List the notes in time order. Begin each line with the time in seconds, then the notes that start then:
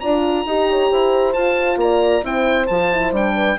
0.00 D4 F4 D5 A#5
0.45 D#4 G4 D#5
0.69 C#5
0.91 E4 C5
1.33 F4 A5
1.76 A#3 D5 A#5
2.22 C4 E4 C5 G5
2.67 F3 F4 A5
2.93 E4
3.12 G3 D4 G5
3.35 B4